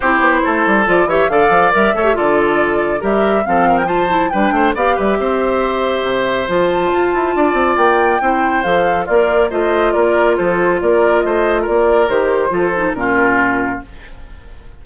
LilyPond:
<<
  \new Staff \with { instrumentName = "flute" } { \time 4/4 \tempo 4 = 139 c''2 d''8 e''8 f''4 | e''4 d''2 e''4 | f''8. g''16 a''4 g''4 f''8 e''8~ | e''2. a''4~ |
a''2 g''2 | f''4 d''4 dis''4 d''4 | c''4 d''4 dis''4 d''4 | c''2 ais'2 | }
  \new Staff \with { instrumentName = "oboe" } { \time 4/4 g'4 a'4. cis''8 d''4~ | d''8 cis''8 a'2 ais'4 | a'8 ais'8 c''4 b'8 c''8 d''8 b'8 | c''1~ |
c''4 d''2 c''4~ | c''4 f'4 c''4 ais'4 | a'4 ais'4 c''4 ais'4~ | ais'4 a'4 f'2 | }
  \new Staff \with { instrumentName = "clarinet" } { \time 4/4 e'2 f'8 g'8 a'4 | ais'8 a'16 g'16 f'2 g'4 | c'4 f'8 e'8 d'4 g'4~ | g'2. f'4~ |
f'2. e'4 | a'4 ais'4 f'2~ | f'1 | g'4 f'8 dis'8 cis'2 | }
  \new Staff \with { instrumentName = "bassoon" } { \time 4/4 c'8 b8 a8 g8 f8 e8 d8 f8 | g8 a8 d2 g4 | f2 g8 a8 b8 g8 | c'2 c4 f4 |
f'8 e'8 d'8 c'8 ais4 c'4 | f4 ais4 a4 ais4 | f4 ais4 a4 ais4 | dis4 f4 ais,2 | }
>>